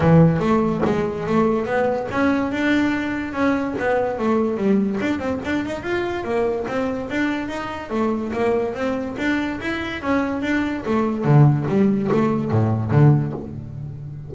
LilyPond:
\new Staff \with { instrumentName = "double bass" } { \time 4/4 \tempo 4 = 144 e4 a4 gis4 a4 | b4 cis'4 d'2 | cis'4 b4 a4 g4 | d'8 c'8 d'8 dis'8 f'4 ais4 |
c'4 d'4 dis'4 a4 | ais4 c'4 d'4 e'4 | cis'4 d'4 a4 d4 | g4 a4 a,4 d4 | }